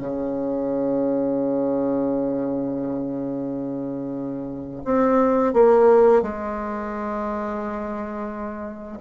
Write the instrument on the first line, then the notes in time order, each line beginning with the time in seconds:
bassoon
0.00 C#3
4.85 C4
5.54 A#3
6.22 G#3